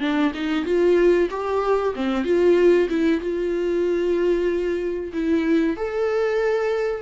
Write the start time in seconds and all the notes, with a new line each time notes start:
0.00 D4
0.34 D#4
0.65 F4
1.30 G4
1.95 C4
2.24 F4
2.89 E4
3.21 F4
5.13 E4
5.76 A4